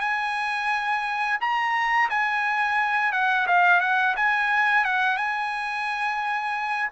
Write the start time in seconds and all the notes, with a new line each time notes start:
0.00 G#5
1.40 A#5
2.09 G#5
3.12 F#5
3.46 F5
3.80 F#5
4.16 G#5
4.84 F#5
5.17 G#5